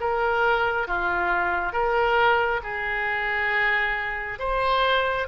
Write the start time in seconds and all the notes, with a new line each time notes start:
0.00 A#4
0.87 F4
1.72 A#4
2.63 G#4
4.39 C5